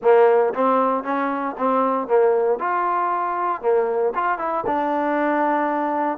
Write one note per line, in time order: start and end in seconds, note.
0.02 0.53 A#3
0.54 1.03 C4
1.03 1.55 C#4
1.58 2.07 C4
2.07 2.59 A#3
2.59 3.61 F4
3.61 4.13 A#3
4.14 4.38 F4
4.38 4.64 E4
4.66 6.17 D4